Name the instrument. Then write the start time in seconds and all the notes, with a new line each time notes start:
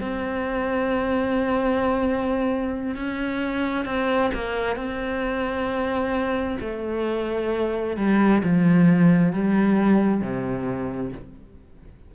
cello
0.00 C4
2.95 C#4
3.85 C4
4.34 A#3
4.76 C4
6.60 A3
7.97 G3
8.43 F3
9.32 G3
10.21 C3